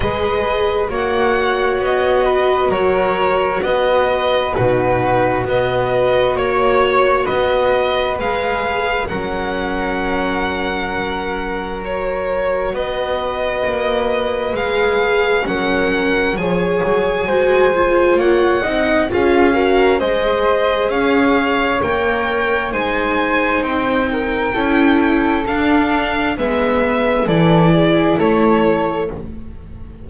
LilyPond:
<<
  \new Staff \with { instrumentName = "violin" } { \time 4/4 \tempo 4 = 66 dis''4 fis''4 dis''4 cis''4 | dis''4 b'4 dis''4 cis''4 | dis''4 f''4 fis''2~ | fis''4 cis''4 dis''2 |
f''4 fis''4 gis''2 | fis''4 f''4 dis''4 f''4 | g''4 gis''4 g''2 | f''4 e''4 d''4 cis''4 | }
  \new Staff \with { instrumentName = "flute" } { \time 4/4 b'4 cis''4. b'8 ais'4 | b'4 fis'4 b'4 cis''4 | b'2 ais'2~ | ais'2 b'2~ |
b'4 ais'4 cis''4 c''4 | cis''8 dis''8 gis'8 ais'8 c''4 cis''4~ | cis''4 c''4. ais'8 a'4~ | a'4 b'4 a'8 gis'8 a'4 | }
  \new Staff \with { instrumentName = "viola" } { \time 4/4 gis'4 fis'2.~ | fis'4 dis'4 fis'2~ | fis'4 gis'4 cis'2~ | cis'4 fis'2. |
gis'4 cis'4 gis'4 fis'8 f'8~ | f'8 dis'8 f'8 fis'8 gis'2 | ais'4 dis'2 e'4 | d'4 b4 e'2 | }
  \new Staff \with { instrumentName = "double bass" } { \time 4/4 gis4 ais4 b4 fis4 | b4 b,4 b4 ais4 | b4 gis4 fis2~ | fis2 b4 ais4 |
gis4 fis4 f8 fis8 gis4 | ais8 c'8 cis'4 gis4 cis'4 | ais4 gis4 c'4 cis'4 | d'4 gis4 e4 a4 | }
>>